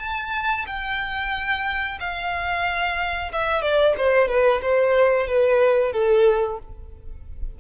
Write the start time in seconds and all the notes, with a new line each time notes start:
0.00 A5
0.67 G5
2.00 F5
3.33 E5
3.62 D5
3.98 C5
4.29 B4
4.62 C5
5.28 B4
5.93 A4